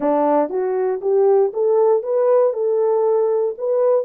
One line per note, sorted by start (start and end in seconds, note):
0.00 0.49 D4
0.49 1.00 F#4
1.01 1.52 G4
1.53 2.02 A4
2.02 2.53 B4
2.53 3.55 A4
3.58 4.05 B4